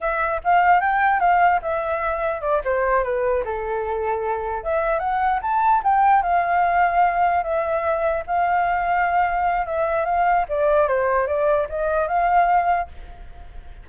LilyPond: \new Staff \with { instrumentName = "flute" } { \time 4/4 \tempo 4 = 149 e''4 f''4 g''4 f''4 | e''2 d''8 c''4 b'8~ | b'8 a'2. e''8~ | e''8 fis''4 a''4 g''4 f''8~ |
f''2~ f''8 e''4.~ | e''8 f''2.~ f''8 | e''4 f''4 d''4 c''4 | d''4 dis''4 f''2 | }